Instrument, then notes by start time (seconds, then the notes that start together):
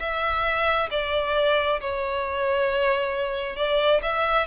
violin
0.00 E5
0.91 D5
1.81 C#5
3.56 D5
4.03 E5